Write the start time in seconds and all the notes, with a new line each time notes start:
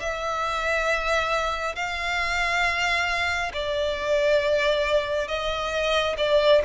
0.00 E5
1.76 F5
3.54 D5
5.28 D#5
6.18 D5